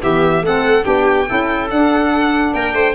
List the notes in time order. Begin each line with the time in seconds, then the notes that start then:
0.00 E3 B3 G4 E5
0.41 A3 C4 A4 F#5
0.82 B3 D4 G4 G5
1.27 C#4 E4 A4
1.69 D4 F#5
2.53 A#3 A#4 G5
2.73 A3 C5